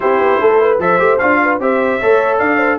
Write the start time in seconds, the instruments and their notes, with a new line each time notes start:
0.00 tuba C4, trombone E4, horn G4, trumpet C5
0.19 tuba B3
0.40 tuba A3, horn A4
0.61 horn B4
0.78 tuba F3, trombone A4, horn C5, trumpet E5
0.98 tuba A3, trombone G4
1.18 tuba D4, trombone F4, trumpet F5
1.42 horn B4
1.59 tuba C4, trombone G4, horn C5, trumpet E5
2.00 tuba A3, trombone A4, horn C#5
2.39 tuba D4, horn D5, trumpet F5
2.57 horn C5